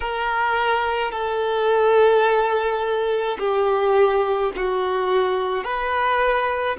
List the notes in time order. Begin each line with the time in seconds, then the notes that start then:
0.00 A#4
1.11 A4
3.39 G4
4.55 F#4
5.63 B4